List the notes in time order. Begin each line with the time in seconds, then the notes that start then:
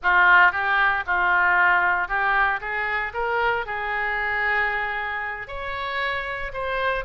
0.02 F4
0.51 G4
1.06 F4
2.08 G4
2.60 G#4
3.13 A#4
3.66 G#4
5.47 C#5
6.53 C5